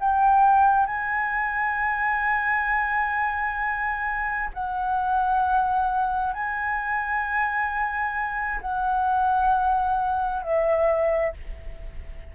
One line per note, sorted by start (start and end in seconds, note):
0.00 0.86 G5
0.86 4.50 G#5
4.54 6.33 F#5
6.33 8.60 G#5
8.61 10.42 F#5
10.42 11.33 E5